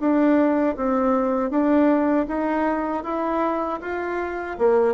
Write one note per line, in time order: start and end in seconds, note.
0.00 0.76 D4
0.76 1.50 C4
1.50 2.26 D4
2.28 3.03 D#4
3.03 3.79 E4
3.81 4.57 F4
4.58 4.94 A#3